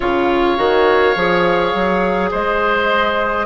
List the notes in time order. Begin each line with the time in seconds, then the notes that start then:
0.00 C#3 F4 C#5 F5
0.56 D#3 F#4
1.15 F3 G#4
1.74 F#3
2.31 G#3 C5 D#5